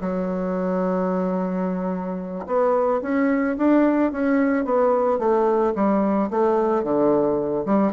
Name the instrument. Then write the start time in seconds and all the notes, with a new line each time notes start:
bassoon
0.00 F#3
2.46 B3
3.02 C#4
3.57 D4
4.12 C#4
4.64 B3
5.18 A3
5.75 G3
6.30 A3
6.83 D3
7.65 G3